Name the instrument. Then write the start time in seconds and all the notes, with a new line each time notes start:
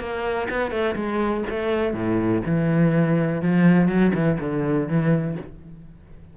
cello
0.00 A#3
0.50 B3
0.71 A3
0.96 G#3
1.50 A3
1.94 A2
2.46 E3
3.42 F3
3.88 F#3
4.14 E3
4.40 D3
4.88 E3